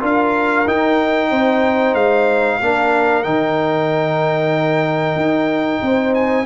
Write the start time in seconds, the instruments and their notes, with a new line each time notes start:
0.00 tuba D4, trombone F4, horn A#4, trumpet F5
0.67 tuba D#4, trombone D#4, trumpet G5
1.30 tuba C4, horn C5
1.94 tuba G#3, trumpet F5
2.59 tuba A#3, trombone D4, horn A#4
3.23 tuba D#3, trombone D#4, trumpet G5
5.16 tuba D#4
5.81 tuba C4, horn C5
6.14 trumpet G#5